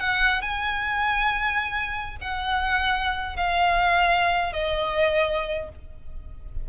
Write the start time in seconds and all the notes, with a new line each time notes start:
0.00 F#5
0.42 G#5
2.22 F#5
3.37 F5
4.53 D#5